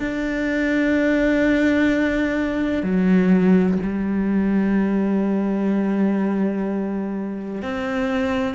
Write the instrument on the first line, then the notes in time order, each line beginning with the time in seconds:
cello
0.00 D4
2.83 F#3
3.83 G3
7.62 C4